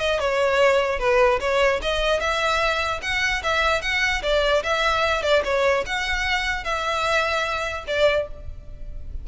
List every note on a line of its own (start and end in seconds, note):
0.00 0.20 D#5
0.20 1.00 C#5
1.00 1.40 B4
1.41 1.81 C#5
1.82 2.21 D#5
2.21 3.01 E5
3.03 3.43 F#5
3.44 3.82 E5
3.82 4.22 F#5
4.23 4.63 D5
4.64 5.23 E5
5.23 5.43 D5
5.45 5.85 C#5
5.86 6.65 F#5
6.65 7.85 E5
7.88 8.28 D5